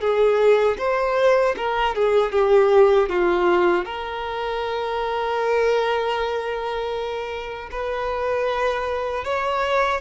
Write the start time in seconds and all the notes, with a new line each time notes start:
0.00 G#4
0.78 C5
1.56 A#4
1.95 G#4
2.32 G4
3.09 F4
3.85 A#4
7.71 B4
9.24 C#5